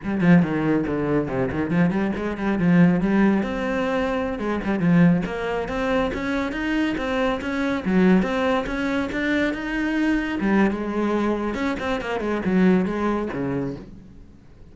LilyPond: \new Staff \with { instrumentName = "cello" } { \time 4/4 \tempo 4 = 140 g8 f8 dis4 d4 c8 dis8 | f8 g8 gis8 g8 f4 g4 | c'2~ c'16 gis8 g8 f8.~ | f16 ais4 c'4 cis'4 dis'8.~ |
dis'16 c'4 cis'4 fis4 c'8.~ | c'16 cis'4 d'4 dis'4.~ dis'16~ | dis'16 g8. gis2 cis'8 c'8 | ais8 gis8 fis4 gis4 cis4 | }